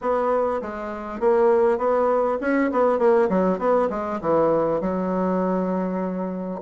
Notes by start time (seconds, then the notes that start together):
0.01 B3
0.61 G#3
1.19 A#3
1.78 B3
2.40 C#4
2.71 B3
2.98 A#3
3.29 F#3
3.58 B3
3.90 G#3
4.21 E3
4.81 F#3